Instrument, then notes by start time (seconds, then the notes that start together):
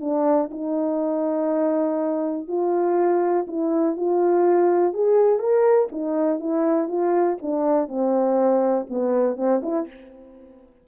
horn
0.00 D4
0.51 D#4
2.47 F4
3.47 E4
3.96 F4
4.93 G#4
5.39 A#4
5.91 D#4
6.39 E4
6.88 F4
7.41 D4
7.88 C4
8.89 B3
9.36 C4
9.62 E4